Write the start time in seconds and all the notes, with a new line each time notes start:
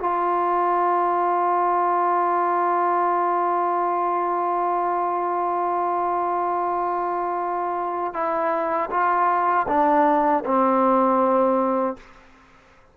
0.00 F4
8.14 E4
8.91 F4
9.69 D4
10.45 C4